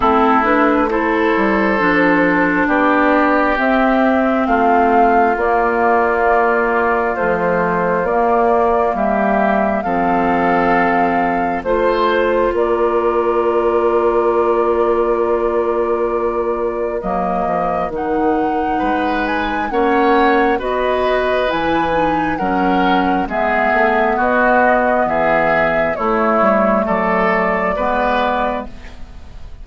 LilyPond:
<<
  \new Staff \with { instrumentName = "flute" } { \time 4/4 \tempo 4 = 67 a'8 b'8 c''2 d''4 | e''4 f''4 d''2 | c''4 d''4 e''4 f''4~ | f''4 c''4 d''2~ |
d''2. dis''4 | fis''4. gis''8 fis''4 dis''4 | gis''4 fis''4 e''4 dis''4 | e''4 cis''4 d''2 | }
  \new Staff \with { instrumentName = "oboe" } { \time 4/4 e'4 a'2 g'4~ | g'4 f'2.~ | f'2 g'4 a'4~ | a'4 c''4 ais'2~ |
ais'1~ | ais'4 b'4 cis''4 b'4~ | b'4 ais'4 gis'4 fis'4 | gis'4 e'4 a'4 b'4 | }
  \new Staff \with { instrumentName = "clarinet" } { \time 4/4 c'8 d'8 e'4 d'2 | c'2 ais2 | f4 ais2 c'4~ | c'4 f'2.~ |
f'2. ais4 | dis'2 cis'4 fis'4 | e'8 dis'8 cis'4 b2~ | b4 a2 b4 | }
  \new Staff \with { instrumentName = "bassoon" } { \time 4/4 a4. g8 f4 b4 | c'4 a4 ais2 | a4 ais4 g4 f4~ | f4 a4 ais2~ |
ais2. fis8 f8 | dis4 gis4 ais4 b4 | e4 fis4 gis8 a8 b4 | e4 a8 g8 fis4 gis4 | }
>>